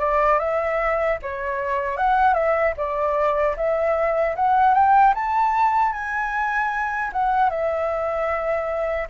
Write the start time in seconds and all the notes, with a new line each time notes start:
0.00 D5
0.39 E5
1.22 C#5
1.97 F#5
2.34 E5
2.77 D5
3.57 E5
4.36 F#5
4.74 G5
5.15 A5
5.93 G#5
7.13 F#5
7.50 E5